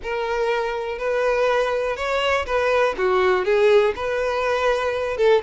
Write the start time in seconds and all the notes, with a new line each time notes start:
0.02 A#4
0.98 B4
1.96 C#5
2.46 B4
2.97 F#4
3.44 G#4
3.95 B4
5.17 A4